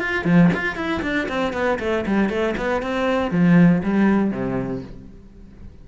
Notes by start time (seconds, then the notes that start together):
0.00 F4
0.25 F3
0.54 F4
0.76 E4
1.02 D4
1.29 C4
1.53 B3
1.79 A3
2.06 G3
2.29 A3
2.57 B3
2.82 C4
3.31 F3
3.83 G3
4.31 C3